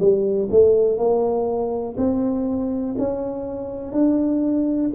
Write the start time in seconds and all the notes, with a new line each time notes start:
0.00 G3
0.51 A3
0.97 A#3
1.97 C4
2.98 C#4
3.93 D4